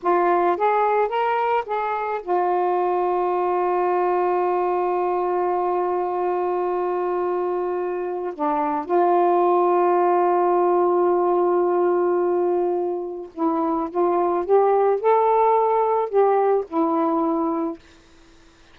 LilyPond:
\new Staff \with { instrumentName = "saxophone" } { \time 4/4 \tempo 4 = 108 f'4 gis'4 ais'4 gis'4 | f'1~ | f'1~ | f'2. d'4 |
f'1~ | f'1 | e'4 f'4 g'4 a'4~ | a'4 g'4 e'2 | }